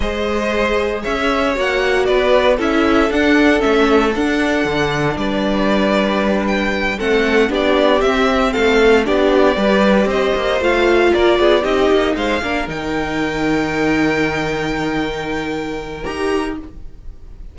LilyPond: <<
  \new Staff \with { instrumentName = "violin" } { \time 4/4 \tempo 4 = 116 dis''2 e''4 fis''4 | d''4 e''4 fis''4 e''4 | fis''2 d''2~ | d''8 g''4 fis''4 d''4 e''8~ |
e''8 f''4 d''2 dis''8~ | dis''8 f''4 d''4 dis''4 f''8~ | f''8 g''2.~ g''8~ | g''2. ais''4 | }
  \new Staff \with { instrumentName = "violin" } { \time 4/4 c''2 cis''2 | b'4 a'2.~ | a'2 b'2~ | b'4. a'4 g'4.~ |
g'8 a'4 g'4 b'4 c''8~ | c''4. ais'8 gis'8 g'4 c''8 | ais'1~ | ais'1 | }
  \new Staff \with { instrumentName = "viola" } { \time 4/4 gis'2. fis'4~ | fis'4 e'4 d'4 cis'4 | d'1~ | d'4. c'4 d'4 c'8~ |
c'4. d'4 g'4.~ | g'8 f'2 dis'4. | d'8 dis'2.~ dis'8~ | dis'2. g'4 | }
  \new Staff \with { instrumentName = "cello" } { \time 4/4 gis2 cis'4 ais4 | b4 cis'4 d'4 a4 | d'4 d4 g2~ | g4. a4 b4 c'8~ |
c'8 a4 b4 g4 c'8 | ais8 a4 ais8 b8 c'8 ais8 gis8 | ais8 dis2.~ dis8~ | dis2. dis'4 | }
>>